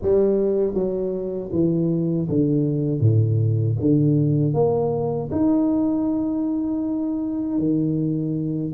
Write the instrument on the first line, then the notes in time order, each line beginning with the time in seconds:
tuba
0.02 G3
0.74 F#3
1.52 E3
2.29 D3
3.00 A2
3.80 D3
4.53 A#3
5.31 D#4
7.58 D#3